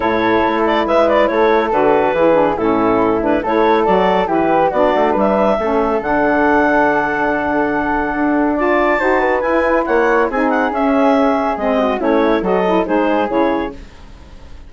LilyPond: <<
  \new Staff \with { instrumentName = "clarinet" } { \time 4/4 \tempo 4 = 140 cis''4. d''8 e''8 d''8 cis''4 | b'2 a'4. b'8 | cis''4 d''4 b'4 d''4 | e''2 fis''2~ |
fis''1 | a''2 gis''4 fis''4 | gis''8 fis''8 e''2 dis''4 | cis''4 dis''4 c''4 cis''4 | }
  \new Staff \with { instrumentName = "flute" } { \time 4/4 a'2 b'4 a'4~ | a'4 gis'4 e'2 | a'2 g'4 fis'4 | b'4 a'2.~ |
a'1 | d''4 c''8 b'4. cis''4 | gis'2.~ gis'8 fis'8 | e'4 a'4 gis'2 | }
  \new Staff \with { instrumentName = "saxophone" } { \time 4/4 e'1 | fis'4 e'8 d'8 cis'4. d'8 | e'4 fis'4 e'4 d'4~ | d'4 cis'4 d'2~ |
d'1 | f'4 fis'4 e'2 | dis'4 cis'2 c'4 | cis'4 fis'8 e'8 dis'4 e'4 | }
  \new Staff \with { instrumentName = "bassoon" } { \time 4/4 a,4 a4 gis4 a4 | d4 e4 a,2 | a4 fis4 e4 b8 a8 | g4 a4 d2~ |
d2. d'4~ | d'4 dis'4 e'4 ais4 | c'4 cis'2 gis4 | a4 fis4 gis4 cis4 | }
>>